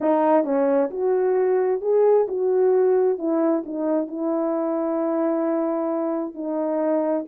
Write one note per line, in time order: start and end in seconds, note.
0.00 0.44 D#4
0.44 0.90 C#4
0.90 1.81 F#4
1.81 2.26 G#4
2.27 3.18 F#4
3.18 3.63 E4
3.65 4.07 D#4
4.07 6.34 E4
6.34 7.25 D#4